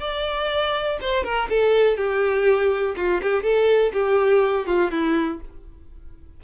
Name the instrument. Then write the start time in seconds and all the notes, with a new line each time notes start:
violin
0.00 D5
1.01 C5
1.24 A#4
1.50 A4
1.97 G4
2.96 F4
3.22 G4
3.43 A4
3.93 G4
4.67 F4
4.91 E4